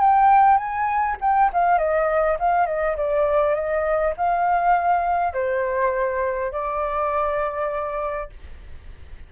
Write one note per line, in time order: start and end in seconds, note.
0.00 0.57 G5
0.57 1.16 G#5
1.21 1.50 G5
1.52 1.78 F5
1.78 2.37 D#5
2.39 2.66 F5
2.66 2.96 D#5
2.96 3.54 D5
3.54 4.13 D#5
4.16 5.33 F5
5.33 6.51 C5
6.51 8.30 D5